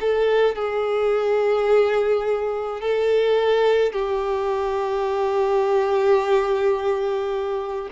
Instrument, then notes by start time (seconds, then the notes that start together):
violin
0.00 A4
0.56 G#4
2.81 A4
3.93 G4